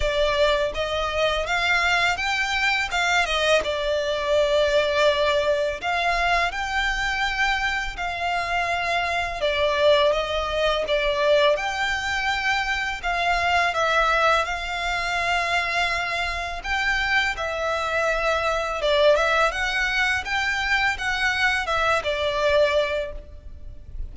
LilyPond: \new Staff \with { instrumentName = "violin" } { \time 4/4 \tempo 4 = 83 d''4 dis''4 f''4 g''4 | f''8 dis''8 d''2. | f''4 g''2 f''4~ | f''4 d''4 dis''4 d''4 |
g''2 f''4 e''4 | f''2. g''4 | e''2 d''8 e''8 fis''4 | g''4 fis''4 e''8 d''4. | }